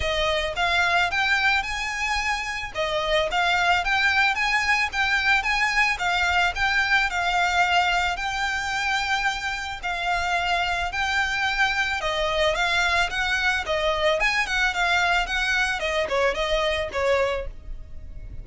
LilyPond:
\new Staff \with { instrumentName = "violin" } { \time 4/4 \tempo 4 = 110 dis''4 f''4 g''4 gis''4~ | gis''4 dis''4 f''4 g''4 | gis''4 g''4 gis''4 f''4 | g''4 f''2 g''4~ |
g''2 f''2 | g''2 dis''4 f''4 | fis''4 dis''4 gis''8 fis''8 f''4 | fis''4 dis''8 cis''8 dis''4 cis''4 | }